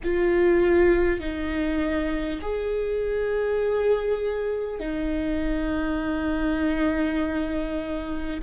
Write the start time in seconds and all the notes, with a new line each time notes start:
0.03 F4
1.20 D#4
2.41 G#4
4.79 D#4